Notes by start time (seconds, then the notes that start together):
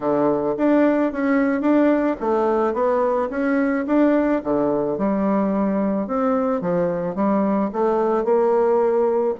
0.00 D3
0.57 D4
1.12 C#4
1.61 D4
2.20 A3
2.73 B3
3.30 C#4
3.87 D4
4.43 D3
4.98 G3
6.07 C4
6.61 F3
7.15 G3
7.72 A3
8.24 A#3